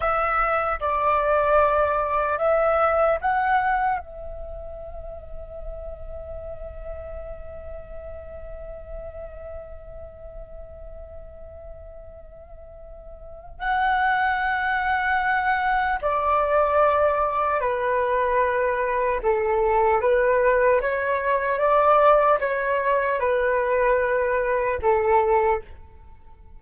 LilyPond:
\new Staff \with { instrumentName = "flute" } { \time 4/4 \tempo 4 = 75 e''4 d''2 e''4 | fis''4 e''2.~ | e''1~ | e''1~ |
e''4 fis''2. | d''2 b'2 | a'4 b'4 cis''4 d''4 | cis''4 b'2 a'4 | }